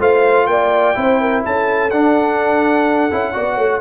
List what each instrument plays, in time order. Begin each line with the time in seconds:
0.00 tuba A3, trombone F4, horn C5, trumpet F5
0.47 tuba A#3, horn D5, trumpet G5
0.95 tuba C4, trombone E4, horn C5
1.21 horn A#4
1.45 tuba C#4, horn A4, trumpet A5
1.91 tuba D4, trombone D4, trumpet F#5
3.11 tuba C#4, trombone E4
3.34 tuba B3, trombone F#4, horn D5
3.55 tuba A3, horn C#5